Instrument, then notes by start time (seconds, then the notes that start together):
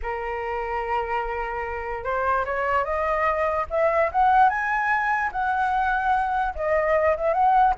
flute
0.02 A#4
2.03 C5
2.45 C#5
2.84 D#5
3.69 E5
4.12 F#5
4.49 G#5
5.32 F#5
6.55 D#5
7.16 E5
7.33 F#5